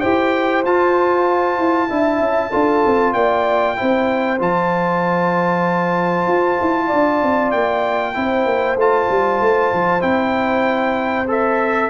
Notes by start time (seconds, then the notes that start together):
0.00 E4 G4 C5 G5
0.64 F4 A5
1.58 E4
1.88 D4 E4 E5
2.20 C#4
2.50 D4 F4 A4
2.85 C4
3.13 A#3 D5 G5
3.75 C4 E4 C5
4.39 F3 F4 A5
6.27 F4
6.60 E4
6.86 D4 D5
7.22 C4
7.51 A#3 G5
8.13 C4 E4 C5
8.45 A#3
8.76 A3 F4 A5
9.09 G3
9.40 A3
9.72 F3
10.00 C4 E4 G5
11.27 A4 E5